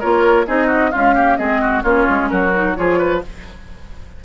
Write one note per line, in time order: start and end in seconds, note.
0.00 0.48 A#3
0.00 0.46 F4
0.00 0.46 A#4
0.00 0.47 C#5
0.46 0.93 C4
0.46 0.92 D#4
0.46 0.67 G#4
0.46 0.92 D#5
0.67 0.90 F#4
0.92 1.16 G#3
0.92 1.39 C#4
0.92 1.15 F4
0.92 1.37 F5
1.15 1.39 A#3
1.15 1.37 G4
1.37 1.84 G#3
1.37 1.84 C4
1.37 1.62 G#4
1.37 1.82 D#5
1.62 1.83 F#4
1.83 2.07 A#3
1.83 2.53 C#4
1.83 2.29 F4
1.83 2.29 C#5
2.10 2.32 G#3
2.29 2.78 F#3
2.29 2.77 F#4
2.29 2.75 A#4
2.55 2.76 D#4
2.75 3.25 F3
2.75 3.22 F4
2.75 2.99 G#4
2.75 3.21 C#5
2.99 3.22 B4